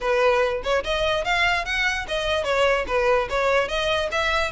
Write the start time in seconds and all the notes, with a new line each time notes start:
0.01 B4
0.63 C#5
0.84 D#5
1.24 F5
1.65 F#5
2.08 D#5
2.44 C#5
2.87 B4
3.29 C#5
3.68 D#5
4.11 E5